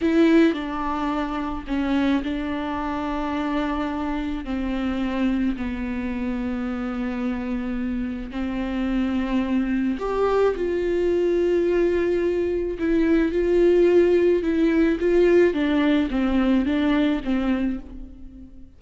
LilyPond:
\new Staff \with { instrumentName = "viola" } { \time 4/4 \tempo 4 = 108 e'4 d'2 cis'4 | d'1 | c'2 b2~ | b2. c'4~ |
c'2 g'4 f'4~ | f'2. e'4 | f'2 e'4 f'4 | d'4 c'4 d'4 c'4 | }